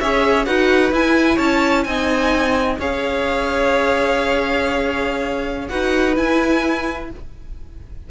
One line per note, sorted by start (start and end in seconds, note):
0.00 0.47 C#4
0.00 0.46 G#4
0.00 0.46 C#5
0.00 0.46 E5
0.46 0.92 D#4
0.46 0.92 F#4
0.46 1.36 B4
0.46 0.92 F#5
0.92 1.39 E4
0.92 1.87 E4
0.92 1.38 G#5
1.36 1.86 C#4
1.36 1.82 C#5
1.36 1.84 A5
1.84 2.79 C4
1.84 2.80 D#4
1.84 2.80 D#5
1.84 2.77 G#5
2.79 5.70 C#4
2.79 5.69 G#4
2.79 5.70 C#5
2.79 5.69 F5
5.69 6.18 D#4
5.69 6.16 F#4
5.69 7.09 B4
5.69 6.15 F#5
6.16 7.09 E4
6.16 7.11 E4
6.16 7.11 G#5